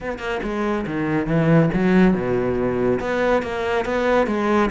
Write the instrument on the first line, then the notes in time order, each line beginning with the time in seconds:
cello
0.00 B3
0.19 A#3
0.42 G#3
0.86 D#3
1.26 E3
1.73 F#3
2.14 B2
3.00 B3
3.42 A#3
3.85 B3
4.26 G#3